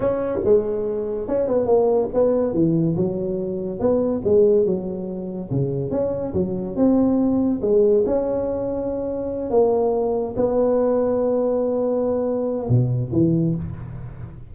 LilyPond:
\new Staff \with { instrumentName = "tuba" } { \time 4/4 \tempo 4 = 142 cis'4 gis2 cis'8 b8 | ais4 b4 e4 fis4~ | fis4 b4 gis4 fis4~ | fis4 cis4 cis'4 fis4 |
c'2 gis4 cis'4~ | cis'2~ cis'8 ais4.~ | ais8 b2.~ b8~ | b2 b,4 e4 | }